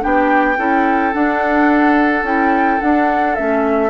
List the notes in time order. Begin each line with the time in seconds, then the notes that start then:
0.00 B3 D4 G4 G5
0.57 C#4 E4 A4
1.13 D4 F#5
2.23 C#4 E4 G5
2.80 D4 F#5
3.35 A3 C#4 E5